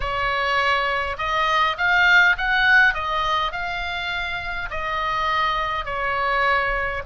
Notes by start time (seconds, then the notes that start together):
0.00 C#5
1.17 D#5
1.77 F5
2.37 F#5
2.94 D#5
3.51 F5
4.70 D#5
5.85 C#5